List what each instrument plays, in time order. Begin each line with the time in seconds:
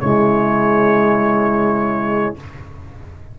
0.00 tuba C#3, trombone G#3, horn E4, trumpet C#5